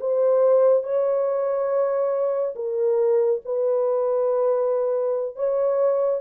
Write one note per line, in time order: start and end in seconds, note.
0.00 0.83 C5
0.83 2.54 C#5
2.55 3.41 A#4
3.45 5.35 B4
5.35 6.21 C#5